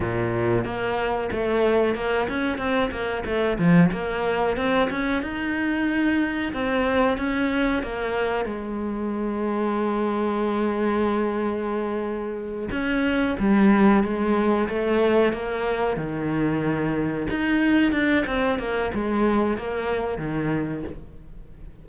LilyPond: \new Staff \with { instrumentName = "cello" } { \time 4/4 \tempo 4 = 92 ais,4 ais4 a4 ais8 cis'8 | c'8 ais8 a8 f8 ais4 c'8 cis'8 | dis'2 c'4 cis'4 | ais4 gis2.~ |
gis2.~ gis8 cis'8~ | cis'8 g4 gis4 a4 ais8~ | ais8 dis2 dis'4 d'8 | c'8 ais8 gis4 ais4 dis4 | }